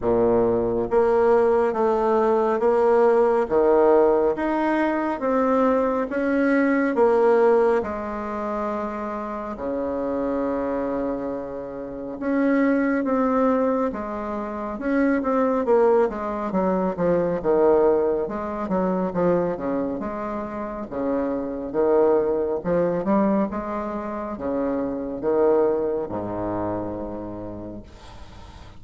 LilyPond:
\new Staff \with { instrumentName = "bassoon" } { \time 4/4 \tempo 4 = 69 ais,4 ais4 a4 ais4 | dis4 dis'4 c'4 cis'4 | ais4 gis2 cis4~ | cis2 cis'4 c'4 |
gis4 cis'8 c'8 ais8 gis8 fis8 f8 | dis4 gis8 fis8 f8 cis8 gis4 | cis4 dis4 f8 g8 gis4 | cis4 dis4 gis,2 | }